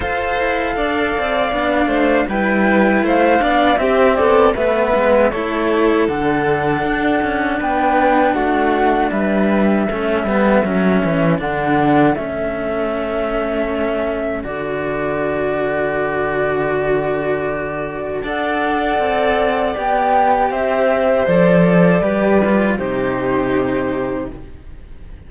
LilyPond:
<<
  \new Staff \with { instrumentName = "flute" } { \time 4/4 \tempo 4 = 79 f''2. g''4 | f''4 e''8 d''8 e''4 cis''4 | fis''2 g''4 fis''4 | e''2. fis''4 |
e''2. d''4~ | d''1 | fis''2 g''4 e''4 | d''2 c''2 | }
  \new Staff \with { instrumentName = "violin" } { \time 4/4 c''4 d''4. c''8 b'4 | c''8 d''8 g'8 a'8 b'4 a'4~ | a'2 b'4 fis'4 | b'4 a'2.~ |
a'1~ | a'1 | d''2. c''4~ | c''4 b'4 g'2 | }
  \new Staff \with { instrumentName = "cello" } { \time 4/4 a'2 d'4 e'4~ | e'8 d'8 c'4 b4 e'4 | d'1~ | d'4 cis'8 b8 cis'4 d'4 |
cis'2. fis'4~ | fis'1 | a'2 g'2 | a'4 g'8 f'8 dis'2 | }
  \new Staff \with { instrumentName = "cello" } { \time 4/4 f'8 e'8 d'8 c'8 b8 a8 g4 | a8 b8 c'8 b8 a8 gis8 a4 | d4 d'8 cis'8 b4 a4 | g4 a8 g8 fis8 e8 d4 |
a2. d4~ | d1 | d'4 c'4 b4 c'4 | f4 g4 c2 | }
>>